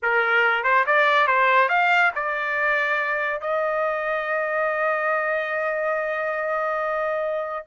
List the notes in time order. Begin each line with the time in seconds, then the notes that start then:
0.02 A#4
0.63 C5
0.86 D5
1.27 C5
1.68 F5
2.15 D5
3.40 D#5